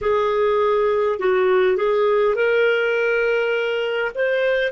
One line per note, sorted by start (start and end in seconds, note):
0.01 1.19 G#4
1.19 1.76 F#4
1.76 2.35 G#4
2.35 4.11 A#4
4.14 4.72 C5